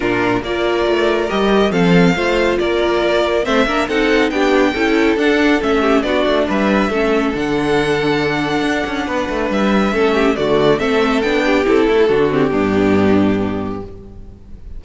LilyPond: <<
  \new Staff \with { instrumentName = "violin" } { \time 4/4 \tempo 4 = 139 ais'4 d''2 dis''4 | f''2 d''2 | e''4 fis''4 g''2 | fis''4 e''4 d''4 e''4~ |
e''4 fis''2.~ | fis''2 e''2 | d''4 e''4 g''4 a'4~ | a'8 g'2.~ g'8 | }
  \new Staff \with { instrumentName = "violin" } { \time 4/4 f'4 ais'2. | a'4 c''4 ais'2 | c''8 ais'8 a'4 g'4 a'4~ | a'4. g'8 fis'4 b'4 |
a'1~ | a'4 b'2 a'8 g'8 | fis'4 a'4. g'4 e'8 | fis'4 d'2. | }
  \new Staff \with { instrumentName = "viola" } { \time 4/4 d'4 f'2 g'4 | c'4 f'2. | c'8 d'8 dis'4 d'4 e'4 | d'4 cis'4 d'2 |
cis'4 d'2.~ | d'2. cis'4 | a4 c'4 d'4 e'4 | d'8 c'8 b2. | }
  \new Staff \with { instrumentName = "cello" } { \time 4/4 ais,4 ais4 a4 g4 | f4 a4 ais2 | a8 ais8 c'4 b4 cis'4 | d'4 a4 b8 a8 g4 |
a4 d2. | d'8 cis'8 b8 a8 g4 a4 | d4 a4 b4 c'8 a8 | d4 g,2. | }
>>